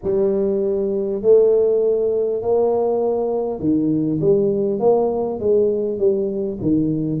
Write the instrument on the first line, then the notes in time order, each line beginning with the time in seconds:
tuba
0.03 G3
1.22 A3
2.42 A#3
3.59 D#3
4.20 G3
4.79 A#3
5.39 G#3
5.98 G3
6.61 D#3